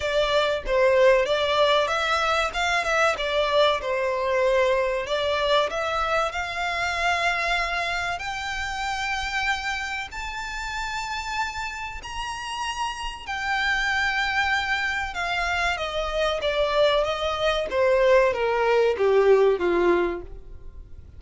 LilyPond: \new Staff \with { instrumentName = "violin" } { \time 4/4 \tempo 4 = 95 d''4 c''4 d''4 e''4 | f''8 e''8 d''4 c''2 | d''4 e''4 f''2~ | f''4 g''2. |
a''2. ais''4~ | ais''4 g''2. | f''4 dis''4 d''4 dis''4 | c''4 ais'4 g'4 f'4 | }